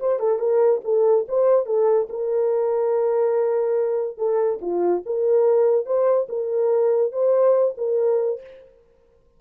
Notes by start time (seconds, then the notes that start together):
0.00 C5
0.20 A4
0.39 A#4
0.85 A4
1.29 C5
1.66 A4
2.10 A#4
4.18 A4
4.62 F4
5.06 A#4
5.86 C5
6.29 A#4
7.12 C5
7.78 A#4